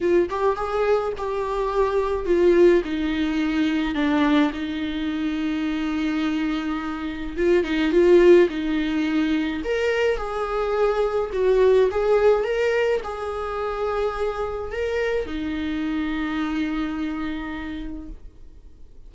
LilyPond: \new Staff \with { instrumentName = "viola" } { \time 4/4 \tempo 4 = 106 f'8 g'8 gis'4 g'2 | f'4 dis'2 d'4 | dis'1~ | dis'4 f'8 dis'8 f'4 dis'4~ |
dis'4 ais'4 gis'2 | fis'4 gis'4 ais'4 gis'4~ | gis'2 ais'4 dis'4~ | dis'1 | }